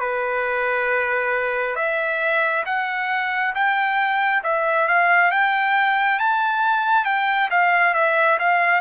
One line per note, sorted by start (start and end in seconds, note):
0.00 1.75 B4
1.75 2.64 E5
2.66 3.54 F#5
3.55 4.43 G5
4.44 4.88 E5
4.88 5.31 F5
5.31 6.19 G5
6.19 7.05 A5
7.05 7.49 G5
7.50 7.94 F5
7.94 8.38 E5
8.39 8.81 F5